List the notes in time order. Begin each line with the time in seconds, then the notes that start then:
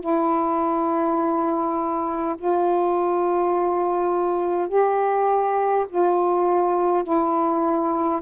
0.00 E4
2.38 F4
4.68 G4
5.89 F4
7.03 E4